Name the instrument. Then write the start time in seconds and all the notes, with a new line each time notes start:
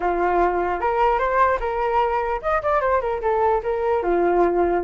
flute
0.00 F4
0.80 A#4
1.18 C5
1.60 A#4
2.42 D#5
2.62 D5
2.81 C5
3.01 A#4
3.21 A4
3.63 A#4
4.02 F4